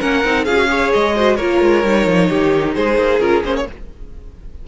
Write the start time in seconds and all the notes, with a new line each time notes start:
0.00 A#3 C#4 A#4 F#5
0.24 C4 D#4
0.45 C#4 F4 G#4 F5
0.56 F#4
0.68 G#4 C#5
0.93 G#3 D#5
1.15 F#4 C5
1.36 A#3 F4 A#4 C#5
1.61 G#3
1.84 G3 D#4
2.06 F3
2.29 D#3 G4
2.75 G#3 G#4 C5
2.98 A#3
3.20 C#4 F4 A#4
3.44 A#3 C#4 C5
3.56 C#5